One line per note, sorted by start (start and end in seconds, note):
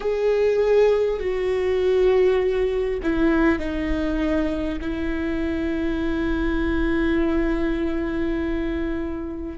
0.00 1.19 G#4
1.19 2.99 F#4
3.03 3.58 E4
3.58 4.78 D#4
4.80 9.58 E4